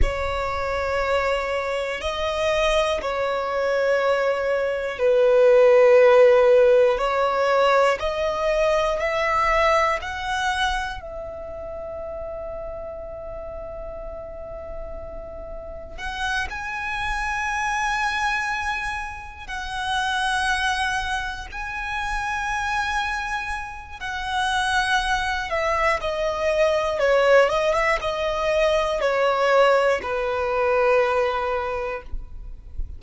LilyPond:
\new Staff \with { instrumentName = "violin" } { \time 4/4 \tempo 4 = 60 cis''2 dis''4 cis''4~ | cis''4 b'2 cis''4 | dis''4 e''4 fis''4 e''4~ | e''1 |
fis''8 gis''2. fis''8~ | fis''4. gis''2~ gis''8 | fis''4. e''8 dis''4 cis''8 dis''16 e''16 | dis''4 cis''4 b'2 | }